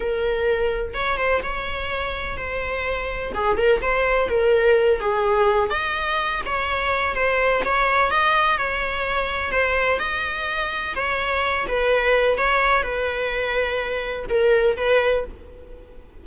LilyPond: \new Staff \with { instrumentName = "viola" } { \time 4/4 \tempo 4 = 126 ais'2 cis''8 c''8 cis''4~ | cis''4 c''2 gis'8 ais'8 | c''4 ais'4. gis'4. | dis''4. cis''4. c''4 |
cis''4 dis''4 cis''2 | c''4 dis''2 cis''4~ | cis''8 b'4. cis''4 b'4~ | b'2 ais'4 b'4 | }